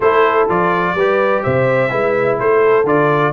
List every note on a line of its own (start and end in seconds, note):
0.00 0.47 A3
0.00 0.48 E4
0.00 0.94 A4
0.00 0.48 C5
0.48 0.94 F3
0.48 0.96 F4
0.48 1.43 D5
0.94 1.42 G3
0.94 1.89 G4
0.94 1.43 B4
1.43 1.91 C3
1.43 1.90 C5
1.43 2.38 E5
1.89 2.39 G#3
1.89 2.84 E4
1.89 2.38 B4
2.38 2.84 A3
2.38 3.33 A4
2.38 2.86 C5
2.84 3.31 D3
2.84 3.33 F4
2.84 3.33 D5